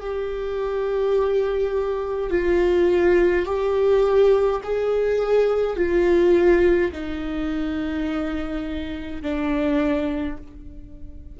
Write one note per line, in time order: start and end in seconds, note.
0.00 2.30 G4
2.30 3.46 F4
3.46 4.61 G4
4.64 5.76 G#4
5.76 6.91 F4
6.92 9.22 D#4
9.22 10.37 D4